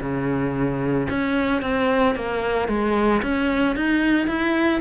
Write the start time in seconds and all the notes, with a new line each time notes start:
0.00 C#3
1.09 C#4
1.61 C4
2.15 A#3
2.68 G#3
3.22 C#4
3.75 D#4
4.27 E4